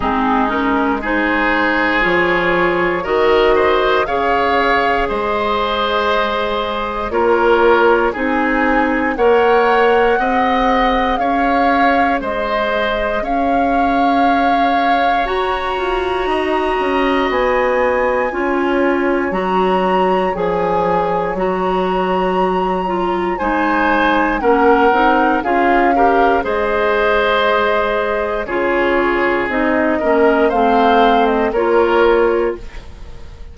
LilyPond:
<<
  \new Staff \with { instrumentName = "flute" } { \time 4/4 \tempo 4 = 59 gis'8 ais'8 c''4 cis''4 dis''4 | f''4 dis''2 cis''4 | gis''4 fis''2 f''4 | dis''4 f''2 ais''4~ |
ais''4 gis''2 ais''4 | gis''4 ais''2 gis''4 | fis''4 f''4 dis''2 | cis''4 dis''4 f''8. dis''16 cis''4 | }
  \new Staff \with { instrumentName = "oboe" } { \time 4/4 dis'4 gis'2 ais'8 c''8 | cis''4 c''2 ais'4 | gis'4 cis''4 dis''4 cis''4 | c''4 cis''2. |
dis''2 cis''2~ | cis''2. c''4 | ais'4 gis'8 ais'8 c''2 | gis'4. ais'8 c''4 ais'4 | }
  \new Staff \with { instrumentName = "clarinet" } { \time 4/4 c'8 cis'8 dis'4 f'4 fis'4 | gis'2. f'4 | dis'4 ais'4 gis'2~ | gis'2. fis'4~ |
fis'2 f'4 fis'4 | gis'4 fis'4. f'8 dis'4 | cis'8 dis'8 f'8 g'8 gis'2 | f'4 dis'8 cis'8 c'4 f'4 | }
  \new Staff \with { instrumentName = "bassoon" } { \time 4/4 gis2 f4 dis4 | cis4 gis2 ais4 | c'4 ais4 c'4 cis'4 | gis4 cis'2 fis'8 f'8 |
dis'8 cis'8 b4 cis'4 fis4 | f4 fis2 gis4 | ais8 c'8 cis'4 gis2 | cis4 c'8 ais8 a4 ais4 | }
>>